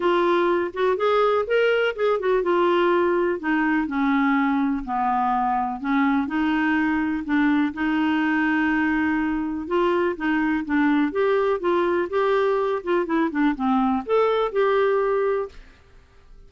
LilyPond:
\new Staff \with { instrumentName = "clarinet" } { \time 4/4 \tempo 4 = 124 f'4. fis'8 gis'4 ais'4 | gis'8 fis'8 f'2 dis'4 | cis'2 b2 | cis'4 dis'2 d'4 |
dis'1 | f'4 dis'4 d'4 g'4 | f'4 g'4. f'8 e'8 d'8 | c'4 a'4 g'2 | }